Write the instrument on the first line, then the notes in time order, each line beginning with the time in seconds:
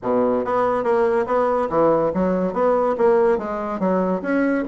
bassoon
0.02 B2
0.44 B3
0.83 A#3
1.26 B3
1.69 E3
2.14 F#3
2.53 B3
2.97 A#3
3.38 G#3
3.79 F#3
4.22 C#4